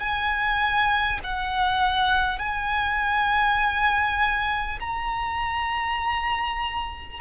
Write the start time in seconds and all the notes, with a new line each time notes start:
0.00 G#5
1.24 F#5
2.39 G#5
4.80 A#5